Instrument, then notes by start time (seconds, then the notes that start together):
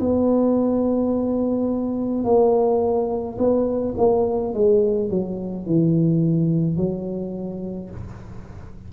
tuba
0.00 B3
2.24 A#3
3.39 B3
3.98 A#3
4.54 G#3
5.10 F#3
5.67 E3
6.77 F#3